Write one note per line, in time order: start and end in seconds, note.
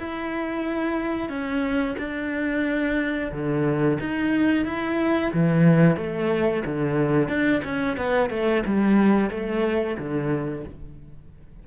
0.00 1.29 E4
1.29 1.96 C#4
1.98 3.32 D4
3.32 3.99 D3
4.01 4.65 D#4
4.65 5.32 E4
5.34 5.97 E3
5.97 6.64 A3
6.66 7.29 D3
7.29 7.62 D4
7.65 7.97 C#4
7.97 8.30 B3
8.30 8.64 A3
8.66 9.31 G3
9.31 9.97 A3
9.98 10.65 D3